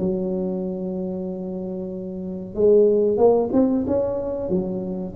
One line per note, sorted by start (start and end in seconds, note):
0.00 2.55 F#3
2.55 3.18 G#3
3.18 3.50 A#3
3.53 3.85 C4
3.87 4.50 C#4
4.50 5.14 F#3